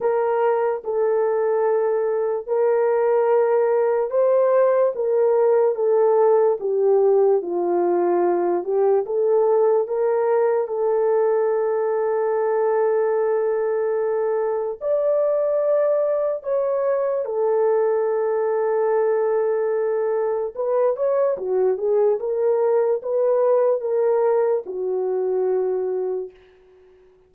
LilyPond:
\new Staff \with { instrumentName = "horn" } { \time 4/4 \tempo 4 = 73 ais'4 a'2 ais'4~ | ais'4 c''4 ais'4 a'4 | g'4 f'4. g'8 a'4 | ais'4 a'2.~ |
a'2 d''2 | cis''4 a'2.~ | a'4 b'8 cis''8 fis'8 gis'8 ais'4 | b'4 ais'4 fis'2 | }